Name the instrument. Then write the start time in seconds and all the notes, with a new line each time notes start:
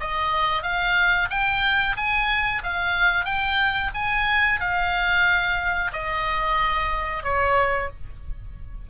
oboe
0.00 D#5
0.63 F5
1.30 G5
1.97 G#5
2.63 F5
3.25 G5
3.94 G#5
4.60 F5
5.93 D#5
7.23 C#5